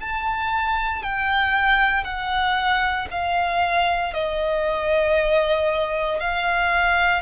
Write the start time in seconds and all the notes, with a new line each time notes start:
0.00 A5
1.03 G5
2.04 F#5
3.10 F5
4.13 D#5
6.20 F5